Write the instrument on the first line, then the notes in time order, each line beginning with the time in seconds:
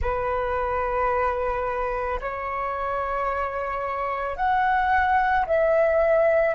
flute
0.01 B4
2.20 C#5
4.36 F#5
5.46 E5